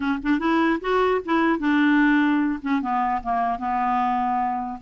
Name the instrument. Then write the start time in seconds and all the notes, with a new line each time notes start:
clarinet
0.00 C#4
0.22 D4
0.39 E4
0.80 F#4
1.25 E4
1.59 D4
2.62 C#4
2.81 B3
3.22 A#3
3.58 B3